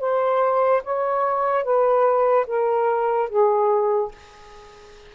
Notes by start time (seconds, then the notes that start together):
0.00 C5
0.84 C#5
1.64 B4
2.47 A#4
3.29 G#4